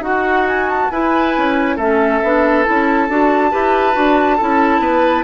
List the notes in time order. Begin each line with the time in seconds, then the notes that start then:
0.00 D#4 F#4 F#5
0.07 F#4
0.48 G#5
0.70 A5
0.91 E4 B4 G#5
1.38 C#4
1.77 A3 C#4 A4 E5
2.23 B3 D4
2.64 C#4 E4 A5
3.09 D4 F#4
3.51 E4 G4 B4
3.94 D4 F#4
4.38 C#4 E4 A4
4.80 B3 B4